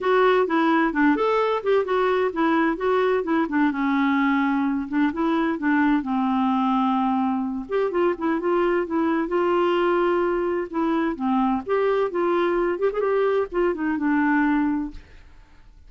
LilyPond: \new Staff \with { instrumentName = "clarinet" } { \time 4/4 \tempo 4 = 129 fis'4 e'4 d'8 a'4 g'8 | fis'4 e'4 fis'4 e'8 d'8 | cis'2~ cis'8 d'8 e'4 | d'4 c'2.~ |
c'8 g'8 f'8 e'8 f'4 e'4 | f'2. e'4 | c'4 g'4 f'4. g'16 gis'16 | g'4 f'8 dis'8 d'2 | }